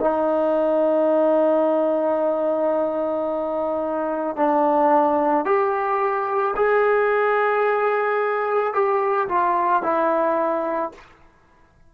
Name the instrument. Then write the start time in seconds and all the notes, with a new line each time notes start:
trombone
0.00 D#4
4.36 D4
5.45 G4
6.56 G#4
8.73 G4
9.28 F4
9.82 E4